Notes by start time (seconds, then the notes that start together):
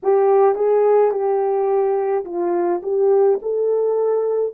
0.03 G4
0.55 G#4
1.11 G4
2.24 F4
2.83 G4
3.42 A4